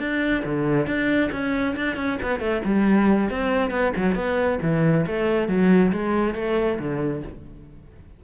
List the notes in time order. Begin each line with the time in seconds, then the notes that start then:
0.00 D4
0.45 D3
0.87 D4
1.32 C#4
1.76 D4
1.97 C#4
2.23 B3
2.40 A3
2.65 G3
3.31 C4
3.71 B3
3.97 F#3
4.16 B3
4.62 E3
5.07 A3
5.48 F#3
5.92 G#3
6.35 A3
6.79 D3